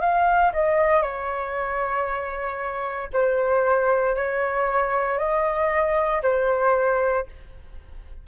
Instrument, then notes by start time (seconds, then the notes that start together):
flute
0.00 F5
0.53 D#5
1.02 C#5
3.13 C5
4.16 C#5
5.18 D#5
6.23 C5